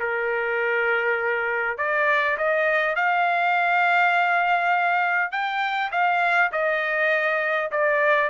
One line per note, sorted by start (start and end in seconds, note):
0.00 1.78 A#4
1.78 2.38 D5
2.38 2.96 D#5
2.96 5.32 F5
5.32 5.91 G5
5.92 6.52 F5
6.52 7.71 D#5
7.71 8.30 D5